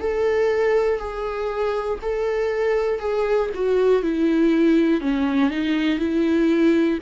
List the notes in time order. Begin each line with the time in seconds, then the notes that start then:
0.00 A4
0.99 G#4
2.01 A4
3.00 G#4
3.54 F#4
4.02 E4
5.00 C#4
5.50 D#4
5.99 E4